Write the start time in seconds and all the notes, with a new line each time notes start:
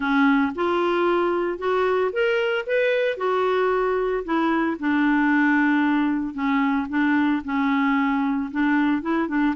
0.00 C#4
0.55 F4
1.58 F#4
2.12 A#4
2.66 B4
3.17 F#4
4.24 E4
4.79 D4
6.33 C#4
6.89 D4
7.44 C#4
8.51 D4
9.01 E4
9.28 D4